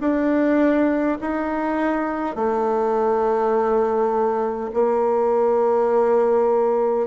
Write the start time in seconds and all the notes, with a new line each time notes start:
0.00 D4
1.21 D#4
2.35 A3
4.74 A#3